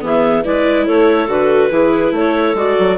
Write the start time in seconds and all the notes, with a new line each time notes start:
0.00 E3 B3 G#4
0.06 E5
0.44 G#3 E4 B4 D5
0.86 A3 A4 C#5
1.27 D3 F#4 B4
1.70 E3 E4 G#4
2.11 A3 A4 C#5
2.55 G#3 F#4 D5
2.79 F#3